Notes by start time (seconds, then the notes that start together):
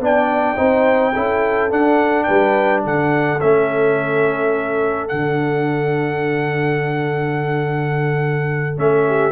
0.00 B3 D4 D5 G5
0.56 C4 D#4 C5
1.14 C#4 E4 A4
1.70 D4 F#5
2.24 G3 B4 G5
2.84 D3 A4 F#5
3.40 A3 C#4 E5
5.09 D3 D4 F#5
8.77 A3 C#4 E5
9.07 G4